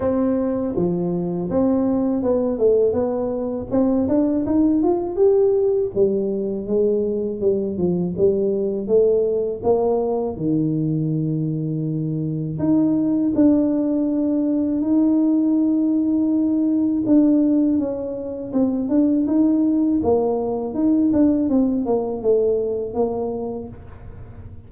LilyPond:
\new Staff \with { instrumentName = "tuba" } { \time 4/4 \tempo 4 = 81 c'4 f4 c'4 b8 a8 | b4 c'8 d'8 dis'8 f'8 g'4 | g4 gis4 g8 f8 g4 | a4 ais4 dis2~ |
dis4 dis'4 d'2 | dis'2. d'4 | cis'4 c'8 d'8 dis'4 ais4 | dis'8 d'8 c'8 ais8 a4 ais4 | }